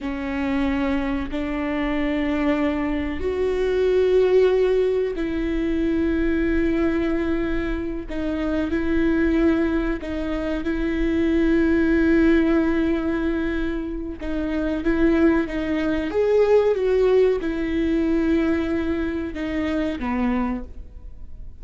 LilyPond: \new Staff \with { instrumentName = "viola" } { \time 4/4 \tempo 4 = 93 cis'2 d'2~ | d'4 fis'2. | e'1~ | e'8 dis'4 e'2 dis'8~ |
dis'8 e'2.~ e'8~ | e'2 dis'4 e'4 | dis'4 gis'4 fis'4 e'4~ | e'2 dis'4 b4 | }